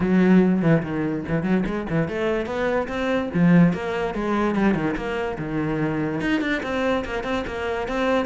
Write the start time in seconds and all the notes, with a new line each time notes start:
0.00 F#3
0.62 E3
0.83 D#3
1.28 E3
1.43 F#3
1.66 G#3
1.89 E3
2.08 A3
2.46 B3
2.88 C4
3.34 F3
3.73 A#3
4.14 G#3
4.55 G3
4.74 D#3
4.96 A#3
5.38 D#3
6.21 D#4
6.40 D4
6.62 C4
7.05 A#3
7.23 C4
7.46 A#3
7.87 C4